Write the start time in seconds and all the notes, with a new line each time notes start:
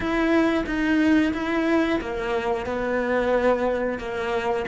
0.00 E4
0.66 D#4
1.33 E4
2.00 A#3
2.66 B3
3.98 A#3